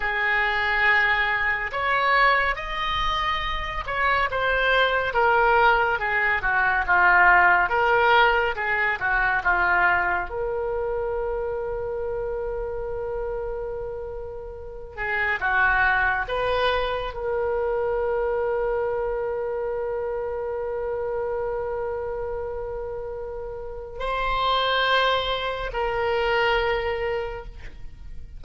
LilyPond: \new Staff \with { instrumentName = "oboe" } { \time 4/4 \tempo 4 = 70 gis'2 cis''4 dis''4~ | dis''8 cis''8 c''4 ais'4 gis'8 fis'8 | f'4 ais'4 gis'8 fis'8 f'4 | ais'1~ |
ais'4. gis'8 fis'4 b'4 | ais'1~ | ais'1 | c''2 ais'2 | }